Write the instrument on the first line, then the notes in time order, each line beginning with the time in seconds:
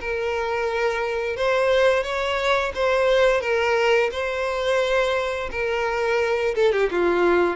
violin
0.00 A#4
1.36 C5
2.03 C#5
2.74 C5
3.40 A#4
4.11 C5
5.51 A#4
6.55 A4
6.72 G4
6.90 F4